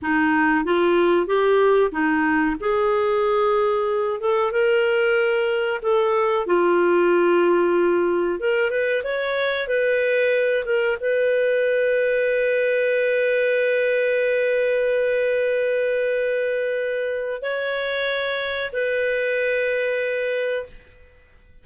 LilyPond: \new Staff \with { instrumentName = "clarinet" } { \time 4/4 \tempo 4 = 93 dis'4 f'4 g'4 dis'4 | gis'2~ gis'8 a'8 ais'4~ | ais'4 a'4 f'2~ | f'4 ais'8 b'8 cis''4 b'4~ |
b'8 ais'8 b'2.~ | b'1~ | b'2. cis''4~ | cis''4 b'2. | }